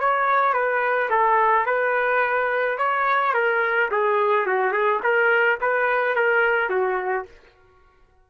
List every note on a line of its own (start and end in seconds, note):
0.00 0.54 C#5
0.54 1.10 B4
1.10 1.66 A4
1.66 2.78 B4
2.78 3.34 C#5
3.34 3.90 A#4
3.92 4.47 G#4
4.47 4.73 F#4
4.73 5.01 G#4
5.03 5.59 A#4
5.61 6.16 B4
6.16 6.70 A#4
6.70 7.26 F#4